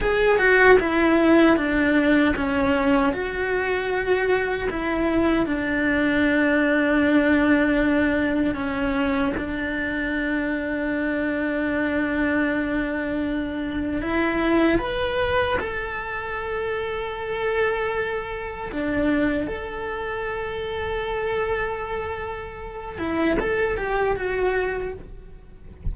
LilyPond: \new Staff \with { instrumentName = "cello" } { \time 4/4 \tempo 4 = 77 gis'8 fis'8 e'4 d'4 cis'4 | fis'2 e'4 d'4~ | d'2. cis'4 | d'1~ |
d'2 e'4 b'4 | a'1 | d'4 a'2.~ | a'4. e'8 a'8 g'8 fis'4 | }